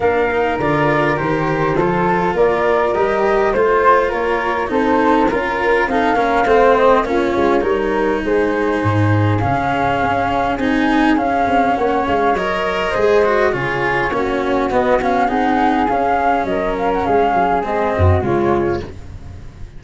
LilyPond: <<
  \new Staff \with { instrumentName = "flute" } { \time 4/4 \tempo 4 = 102 f''4 d''4 c''2 | d''4 dis''4 c''4 cis''4 | c''4 ais'4 f''4. dis''8 | cis''2 c''2 |
f''2 gis''4 f''4 | fis''8 f''8 dis''2 cis''4~ | cis''4 dis''8 f''8 fis''4 f''4 | dis''8 f''16 fis''16 f''4 dis''4 cis''4 | }
  \new Staff \with { instrumentName = "flute" } { \time 4/4 ais'2. a'4 | ais'2 c''4 ais'4 | a'4 ais'4 a'8 ais'8 c''4 | f'4 ais'4 gis'2~ |
gis'1 | cis''2 c''4 gis'4 | fis'2 gis'2 | ais'4 gis'4. fis'8 f'4 | }
  \new Staff \with { instrumentName = "cello" } { \time 4/4 d'8 dis'8 f'4 g'4 f'4~ | f'4 g'4 f'2 | dis'4 f'4 dis'8 cis'8 c'4 | cis'4 dis'2. |
cis'2 dis'4 cis'4~ | cis'4 ais'4 gis'8 fis'8 f'4 | cis'4 b8 cis'8 dis'4 cis'4~ | cis'2 c'4 gis4 | }
  \new Staff \with { instrumentName = "tuba" } { \time 4/4 ais4 d4 dis4 f4 | ais4 g4 a4 ais4 | c'4 cis'4 c'8 ais8 a4 | ais8 gis8 g4 gis4 gis,4 |
cis4 cis'4 c'4 cis'8 c'8 | ais8 gis8 fis4 gis4 cis4 | ais4 b4 c'4 cis'4 | fis4 gis8 fis8 gis8 fis,8 cis4 | }
>>